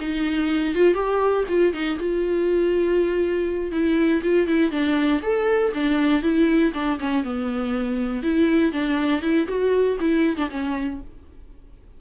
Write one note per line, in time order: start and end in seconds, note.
0.00 0.75 D#4
0.75 0.94 F4
0.94 1.44 G4
1.49 1.73 F4
1.73 1.98 D#4
1.99 3.72 F4
3.72 4.22 E4
4.23 4.47 F4
4.47 4.71 E4
4.71 5.21 D4
5.23 5.73 A4
5.74 6.23 D4
6.23 6.73 E4
6.74 6.99 D4
7.00 7.24 C#4
7.24 8.23 B3
8.23 8.73 E4
8.73 9.22 D4
9.22 9.47 E4
9.48 9.98 F#4
10.00 10.37 E4
10.37 10.50 D4
10.51 11.01 C#4